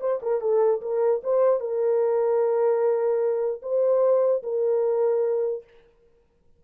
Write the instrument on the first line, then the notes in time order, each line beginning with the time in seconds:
horn
0.00 C5
0.22 A#4
0.41 A4
0.81 A#4
1.23 C5
1.60 A#4
3.62 C5
4.43 A#4